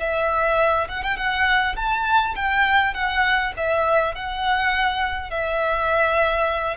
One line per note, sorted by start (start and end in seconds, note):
0.00 0.88 E5
0.89 1.03 F#5
1.03 1.17 G5
1.17 1.76 F#5
1.76 2.35 A5
2.36 2.94 G5
2.94 3.53 F#5
3.57 4.15 E5
4.15 5.31 F#5
5.31 6.77 E5